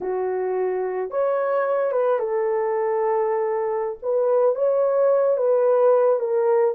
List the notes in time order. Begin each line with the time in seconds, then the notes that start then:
0.01 F#4
1.10 C#5
1.92 B4
2.19 A4
4.02 B4
4.55 C#5
5.37 B4
6.19 A#4